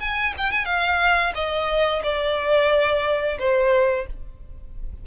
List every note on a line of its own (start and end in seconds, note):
0.00 0.34 G#5
0.37 0.52 G5
0.52 0.65 G#5
0.65 1.33 F5
1.35 2.02 D#5
2.03 3.38 D5
3.39 4.06 C5